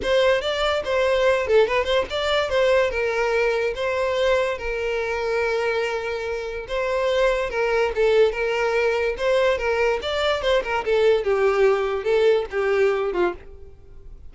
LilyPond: \new Staff \with { instrumentName = "violin" } { \time 4/4 \tempo 4 = 144 c''4 d''4 c''4. a'8 | b'8 c''8 d''4 c''4 ais'4~ | ais'4 c''2 ais'4~ | ais'1 |
c''2 ais'4 a'4 | ais'2 c''4 ais'4 | d''4 c''8 ais'8 a'4 g'4~ | g'4 a'4 g'4. f'8 | }